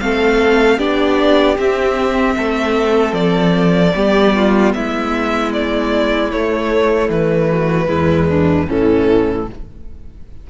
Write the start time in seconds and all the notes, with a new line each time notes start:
0.00 A3 C4 A4 F5
0.78 B3 D4 G4 D5
1.57 C4 E5
2.37 A3 A4
3.13 F3 D5
3.95 G3 B3 G4
4.36 F4
4.73 G#3 E4 E5
5.52 D5
6.31 A3 C#5
7.09 E3 B4
7.50 F#4
7.87 E2 G#3 E4
8.29 D4
8.67 A2 E3 C#4 A4